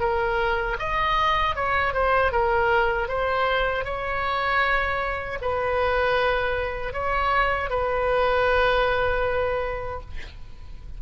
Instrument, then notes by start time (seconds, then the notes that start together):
oboe
0.00 A#4
0.79 D#5
1.56 C#5
1.94 C5
2.32 A#4
3.09 C5
3.85 C#5
5.42 B4
6.93 C#5
7.70 B4